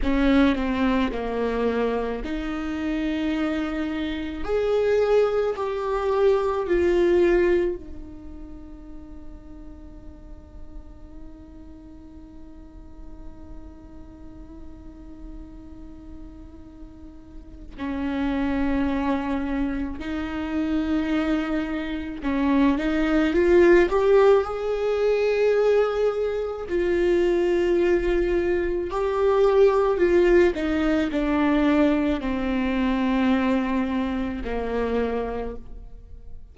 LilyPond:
\new Staff \with { instrumentName = "viola" } { \time 4/4 \tempo 4 = 54 cis'8 c'8 ais4 dis'2 | gis'4 g'4 f'4 dis'4~ | dis'1~ | dis'1 |
cis'2 dis'2 | cis'8 dis'8 f'8 g'8 gis'2 | f'2 g'4 f'8 dis'8 | d'4 c'2 ais4 | }